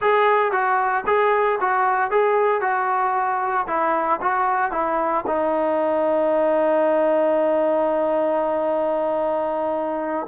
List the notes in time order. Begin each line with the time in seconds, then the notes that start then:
0.01 G#4
0.51 F#4
1.06 G#4
1.60 F#4
2.10 G#4
2.61 F#4
3.67 E4
4.21 F#4
4.71 E4
5.27 D#4